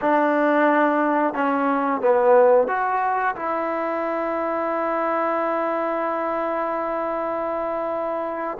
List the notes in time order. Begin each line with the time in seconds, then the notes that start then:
0.01 D4
1.33 C#4
2.01 B3
2.67 F#4
3.35 E4